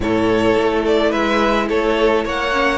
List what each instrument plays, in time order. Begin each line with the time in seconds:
0.00 cello A2, viola E4, violin A4 C#5
0.57 cello A3
0.86 violin D5
1.10 cello G#3, violin B4 E5
1.68 cello A3, violin A4 C#5
2.24 cello A#3, violin C#5 F#5
2.52 viola C#4